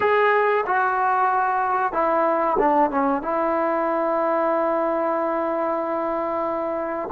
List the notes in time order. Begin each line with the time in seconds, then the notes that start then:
0.00 G#4
0.66 F#4
1.92 E4
2.58 D4
2.90 C#4
3.21 E4